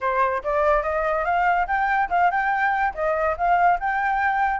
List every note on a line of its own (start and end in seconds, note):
0.00 0.42 C5
0.43 0.83 D5
0.83 1.25 D#5
1.25 1.66 F5
1.67 2.09 G5
2.09 2.30 F5
2.30 2.93 G5
2.94 3.36 D#5
3.37 3.79 F5
3.79 4.60 G5